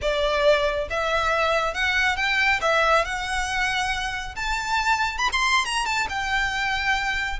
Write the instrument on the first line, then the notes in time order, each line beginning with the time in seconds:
violin
0.01 D5
0.90 E5
1.74 F#5
2.16 G5
2.61 E5
3.04 F#5
4.35 A5
5.18 B5
5.32 C6
5.65 A#5
5.85 A5
6.09 G5